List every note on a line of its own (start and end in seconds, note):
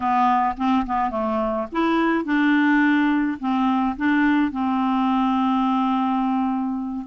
0.00 0.55 B3
0.57 0.85 C4
0.86 1.10 B3
1.10 1.67 A3
1.71 2.24 E4
2.24 3.38 D4
3.39 3.96 C4
3.96 4.51 D4
4.51 7.06 C4